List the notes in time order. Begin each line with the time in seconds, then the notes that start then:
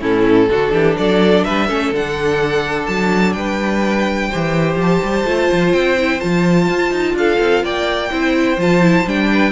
0.00 A2 C#4 E4 A4
0.50 D3 D4 F#4
0.72 E3 G4
0.97 F#3 A4 D5
1.44 G3 B4 E5
1.67 A3 C#4 A4
1.92 D3 D4 F#5
2.86 F#3 A5
3.33 G3 B4 G5
4.29 E3 G4 C5
4.75 F3 A5
5.03 G3
5.24 A3 F4
5.52 F3
5.72 C4 G5
5.98 E4
6.19 F3 F4 A5
6.68 F4
6.91 D#4
7.14 D4 A4 F5
7.40 C4
7.63 A#3 D5 G5
8.10 C4 E4 C5
8.57 F3 F4 A5
8.82 E4
9.06 G3 D4 G5
9.32 B4